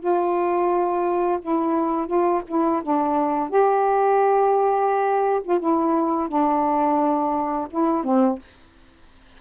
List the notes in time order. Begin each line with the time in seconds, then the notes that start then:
0.00 F4
1.42 E4
2.07 F4
2.48 E4
2.83 D4
3.50 G4
5.44 F4
5.60 E4
6.29 D4
7.71 E4
8.05 C4